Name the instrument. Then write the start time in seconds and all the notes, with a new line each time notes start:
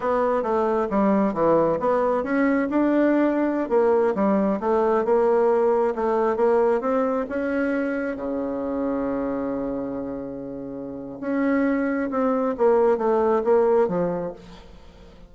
bassoon
0.00 B3
0.43 A3
0.90 G3
1.33 E3
1.79 B3
2.23 C#4
2.70 D4
3.69 A#3
4.14 G3
4.60 A3
5.04 A#3
5.95 A3
6.36 A#3
6.81 C4
7.29 C#4
8.16 C#3
11.20 C#4
12.10 C4
12.57 A#3
12.97 A3
13.44 A#3
13.87 F3